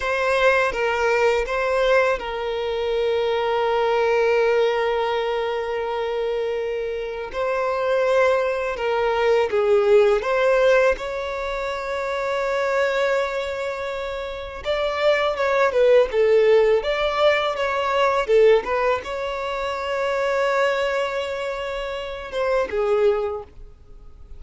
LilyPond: \new Staff \with { instrumentName = "violin" } { \time 4/4 \tempo 4 = 82 c''4 ais'4 c''4 ais'4~ | ais'1~ | ais'2 c''2 | ais'4 gis'4 c''4 cis''4~ |
cis''1 | d''4 cis''8 b'8 a'4 d''4 | cis''4 a'8 b'8 cis''2~ | cis''2~ cis''8 c''8 gis'4 | }